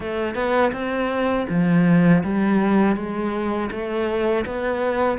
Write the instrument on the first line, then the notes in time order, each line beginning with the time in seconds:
cello
0.00 A3
0.35 B3
0.72 C4
1.49 F3
2.23 G3
2.96 G#3
3.71 A3
4.45 B3